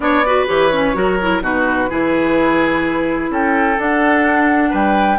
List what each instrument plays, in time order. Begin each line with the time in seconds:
0.00 bassoon B3, clarinet D4, oboe C#5, flute D5
0.25 clarinet F#4, oboe B4
0.47 bassoon E3, clarinet G4, flute C#5
0.71 clarinet C#4
0.94 bassoon F#3, clarinet F#4, oboe A#4
1.21 clarinet E4
1.41 bassoon B2, clarinet D#4, oboe F#4, flute B4
1.89 bassoon E3, clarinet E4, oboe G#4
3.30 bassoon C#4, oboe A4, flute G5
3.77 bassoon D4, clarinet D4, flute F#5
4.70 bassoon G3, oboe B4, flute G5